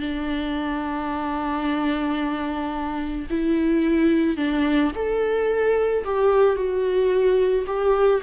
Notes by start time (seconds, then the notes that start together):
0.00 D4
3.30 E4
4.37 D4
4.96 A4
6.05 G4
6.56 F#4
7.67 G4